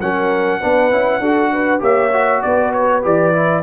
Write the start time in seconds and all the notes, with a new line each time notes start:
0.00 F#3 C#4 A#4 F#5
0.60 B3 D4 B4
0.91 C#4 E4
1.19 D4 F#4 A4
1.53 B4
1.79 A#3 G4 C#5 E5
2.12 F#4
2.42 B3 B4 D5
2.73 C#5
3.02 E3 G4 D5
3.33 E4